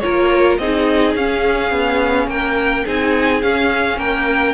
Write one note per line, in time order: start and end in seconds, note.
0.00 0.59 F4
0.00 0.60 A#4
0.00 0.57 C#5
0.06 0.59 A#3
0.58 1.15 C4
0.58 1.18 D#4
0.58 2.30 G#4
0.58 1.15 D#5
1.15 1.71 C#4
1.15 2.86 C#4
1.15 2.29 F5
1.71 2.27 B3
2.27 2.84 A#3
2.27 2.85 A#4
2.27 2.86 G5
2.85 3.43 C4
2.85 3.43 D#4
2.85 3.98 G#4
2.85 3.42 G#5
3.42 3.98 C#4
3.42 4.54 C#4
3.42 3.99 F5
3.98 4.54 A#3
3.98 4.54 A#4
3.98 4.54 G5